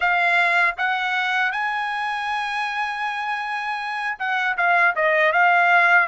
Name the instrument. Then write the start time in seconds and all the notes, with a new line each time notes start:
trumpet
0.00 F5
0.77 F#5
1.52 G#5
4.18 F#5
4.57 F5
4.95 D#5
5.32 F5